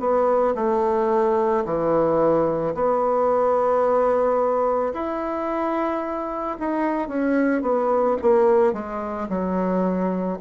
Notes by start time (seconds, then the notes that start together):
0.00 B3
0.56 A3
1.66 E3
2.75 B3
4.93 E4
6.60 D#4
7.09 C#4
7.62 B3
8.22 A#3
8.73 G#3
9.29 F#3